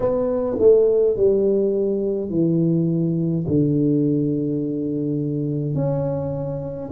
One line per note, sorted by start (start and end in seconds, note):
0.00 0.57 B3
0.58 1.16 A3
1.16 2.29 G3
2.29 3.45 E3
3.47 5.74 D3
5.74 6.90 C#4